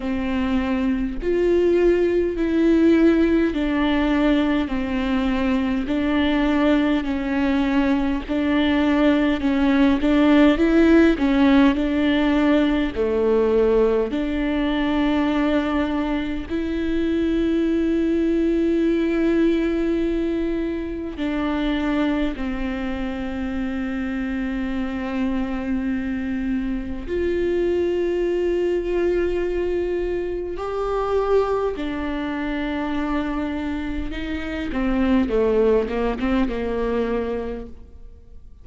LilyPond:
\new Staff \with { instrumentName = "viola" } { \time 4/4 \tempo 4 = 51 c'4 f'4 e'4 d'4 | c'4 d'4 cis'4 d'4 | cis'8 d'8 e'8 cis'8 d'4 a4 | d'2 e'2~ |
e'2 d'4 c'4~ | c'2. f'4~ | f'2 g'4 d'4~ | d'4 dis'8 c'8 a8 ais16 c'16 ais4 | }